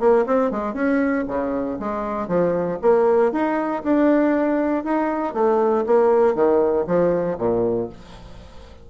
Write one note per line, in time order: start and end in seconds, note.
0.00 0.25 A#3
0.26 0.51 C4
0.51 0.74 G#3
0.74 1.25 C#4
1.28 1.78 C#3
1.79 2.28 G#3
2.28 2.79 F3
2.82 3.32 A#3
3.32 3.83 D#4
3.83 4.84 D4
4.84 5.34 D#4
5.34 5.85 A3
5.86 6.35 A#3
6.35 6.86 D#3
6.87 7.38 F3
7.38 7.89 A#2